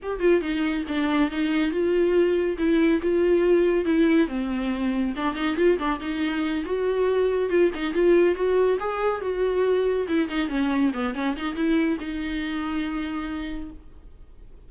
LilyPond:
\new Staff \with { instrumentName = "viola" } { \time 4/4 \tempo 4 = 140 g'8 f'8 dis'4 d'4 dis'4 | f'2 e'4 f'4~ | f'4 e'4 c'2 | d'8 dis'8 f'8 d'8 dis'4. fis'8~ |
fis'4. f'8 dis'8 f'4 fis'8~ | fis'8 gis'4 fis'2 e'8 | dis'8 cis'4 b8 cis'8 dis'8 e'4 | dis'1 | }